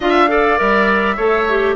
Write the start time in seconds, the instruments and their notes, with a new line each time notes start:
0.00 bassoon D4, clarinet F4, oboe E5, flute F5
0.28 clarinet A4, oboe D5
0.57 bassoon G3, clarinet A#4, flute E5
1.16 bassoon A3, clarinet A4, oboe C#5
1.48 clarinet G4